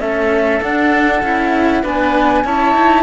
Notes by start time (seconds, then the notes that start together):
0.00 A3 C#4 A4 E5
0.60 D4 F#5
1.22 C#4 E4
1.83 B3 D4 B4 G#5
2.45 C#4 E4 C#5 A5
2.75 D#4